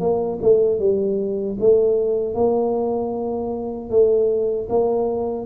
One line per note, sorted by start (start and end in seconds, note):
0.00 0.39 A#3
0.41 0.79 A3
0.79 1.57 G3
1.60 2.34 A3
2.34 3.90 A#3
3.90 4.68 A3
4.69 5.46 A#3